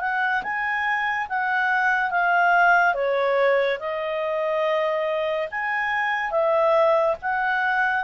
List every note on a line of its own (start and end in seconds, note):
0.00 0.42 F#5
0.43 1.27 G#5
1.29 2.10 F#5
2.10 2.94 F5
2.94 3.78 C#5
3.79 5.48 D#5
5.51 6.31 G#5
6.31 7.15 E5
7.21 8.04 F#5